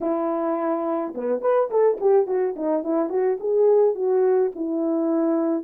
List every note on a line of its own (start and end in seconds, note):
0.00 1.13 E4
1.14 1.41 B3
1.41 1.69 B4
1.70 1.98 A4
2.00 2.26 G4
2.26 2.55 F#4
2.55 2.83 D#4
2.83 3.09 E4
3.09 3.38 F#4
3.40 3.95 G#4
3.95 4.51 F#4
4.55 5.63 E4